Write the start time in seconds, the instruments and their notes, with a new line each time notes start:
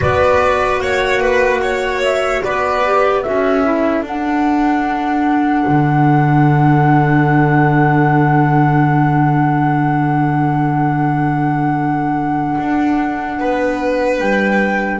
0.00 double bass B3, clarinet F#4, violin B4, flute D5
0.79 double bass A#3, violin C#5, flute F#5
1.20 violin B4
1.62 violin C#5
2.02 flute E5
2.43 double bass B3, violin B4, flute D5
2.85 clarinet G4
3.22 double bass C#4, clarinet F#4, violin A4, flute E5
3.63 clarinet E4
4.02 double bass D4, clarinet D4, flute F#5
5.67 double bass D3
12.58 double bass D4
13.39 double bass B3, violin B4
14.18 double bass G3, flute G5